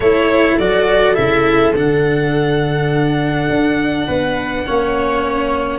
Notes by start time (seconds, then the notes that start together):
0.00 A3 E4 A4 C#5
0.58 F#3 F#4 D5
1.14 C#3 E4 E5
1.74 D3 D4 F#5
3.49 D4
4.06 B3 B4
4.66 A#3 C#4 C#5